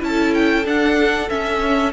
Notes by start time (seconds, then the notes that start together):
0.00 C#4 E4 A5
0.08 A4
0.34 G5
0.64 D4 F#5
1.29 C#4 E5